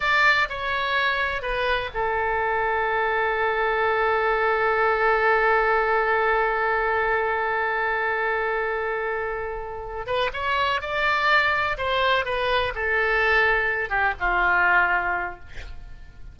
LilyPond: \new Staff \with { instrumentName = "oboe" } { \time 4/4 \tempo 4 = 125 d''4 cis''2 b'4 | a'1~ | a'1~ | a'1~ |
a'1~ | a'4 b'8 cis''4 d''4.~ | d''8 c''4 b'4 a'4.~ | a'4 g'8 f'2~ f'8 | }